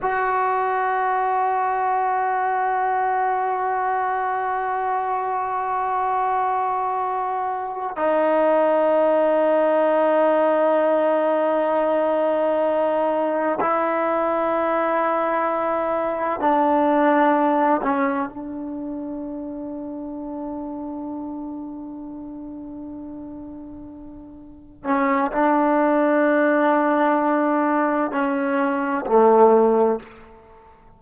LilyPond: \new Staff \with { instrumentName = "trombone" } { \time 4/4 \tempo 4 = 64 fis'1~ | fis'1~ | fis'8 dis'2.~ dis'8~ | dis'2~ dis'8 e'4.~ |
e'4. d'4. cis'8 d'8~ | d'1~ | d'2~ d'8 cis'8 d'4~ | d'2 cis'4 a4 | }